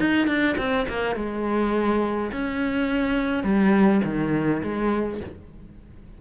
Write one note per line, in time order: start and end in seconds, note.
0.00 0.28 D#4
0.28 0.57 D4
0.58 0.87 C4
0.89 1.16 A#3
1.16 2.32 G#3
2.32 3.44 C#4
3.44 4.01 G3
4.05 4.62 D#3
4.63 5.21 G#3